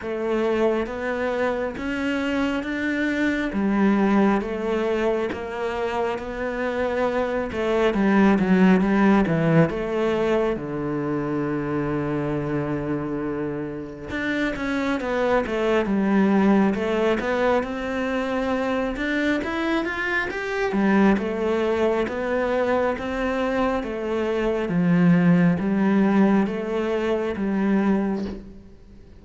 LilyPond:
\new Staff \with { instrumentName = "cello" } { \time 4/4 \tempo 4 = 68 a4 b4 cis'4 d'4 | g4 a4 ais4 b4~ | b8 a8 g8 fis8 g8 e8 a4 | d1 |
d'8 cis'8 b8 a8 g4 a8 b8 | c'4. d'8 e'8 f'8 g'8 g8 | a4 b4 c'4 a4 | f4 g4 a4 g4 | }